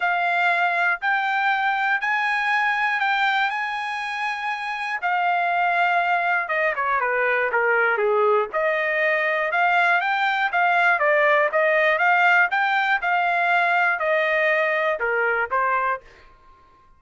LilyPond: \new Staff \with { instrumentName = "trumpet" } { \time 4/4 \tempo 4 = 120 f''2 g''2 | gis''2 g''4 gis''4~ | gis''2 f''2~ | f''4 dis''8 cis''8 b'4 ais'4 |
gis'4 dis''2 f''4 | g''4 f''4 d''4 dis''4 | f''4 g''4 f''2 | dis''2 ais'4 c''4 | }